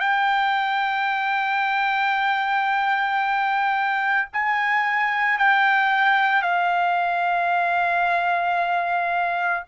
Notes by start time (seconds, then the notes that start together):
0.00 G5
4.33 G#5
5.39 G5
6.42 F5